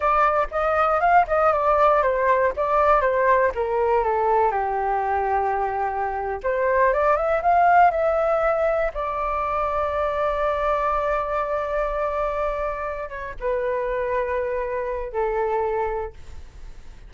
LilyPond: \new Staff \with { instrumentName = "flute" } { \time 4/4 \tempo 4 = 119 d''4 dis''4 f''8 dis''8 d''4 | c''4 d''4 c''4 ais'4 | a'4 g'2.~ | g'8. c''4 d''8 e''8 f''4 e''16~ |
e''4.~ e''16 d''2~ d''16~ | d''1~ | d''2 cis''8 b'4.~ | b'2 a'2 | }